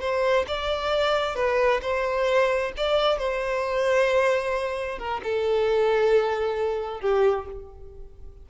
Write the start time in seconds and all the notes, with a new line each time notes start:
0.00 C5
0.47 D5
1.35 B4
1.81 C5
2.76 D5
3.18 C5
4.98 A#4
5.23 A4
7.00 G4